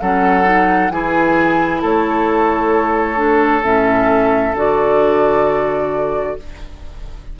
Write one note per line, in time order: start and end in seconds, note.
0.00 0.90 F#3
0.00 0.44 C#4
0.00 0.93 A4
0.00 0.91 F#5
0.44 0.90 D#4
0.90 1.81 E3
0.90 3.16 E4
0.90 1.81 G#4
0.90 1.82 G#5
1.81 3.63 A3
1.81 6.36 A4
1.81 3.65 C#5
3.16 3.62 D4
3.63 4.54 A2
3.63 4.54 C#4
3.63 4.55 E5
4.54 6.36 D3
4.54 6.38 F#4
4.54 6.40 D5